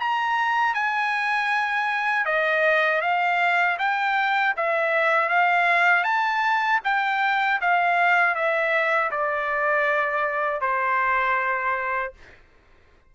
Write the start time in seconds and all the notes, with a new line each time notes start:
0.00 A#5
0.75 G#5
2.25 D#5
3.01 F5
3.79 G5
4.56 E5
5.29 F5
6.04 A5
6.84 G5
7.61 F5
8.35 E5
9.11 D5
10.61 C5